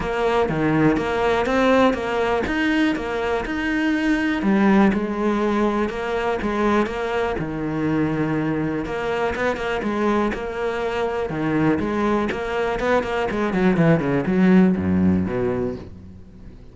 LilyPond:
\new Staff \with { instrumentName = "cello" } { \time 4/4 \tempo 4 = 122 ais4 dis4 ais4 c'4 | ais4 dis'4 ais4 dis'4~ | dis'4 g4 gis2 | ais4 gis4 ais4 dis4~ |
dis2 ais4 b8 ais8 | gis4 ais2 dis4 | gis4 ais4 b8 ais8 gis8 fis8 | e8 cis8 fis4 fis,4 b,4 | }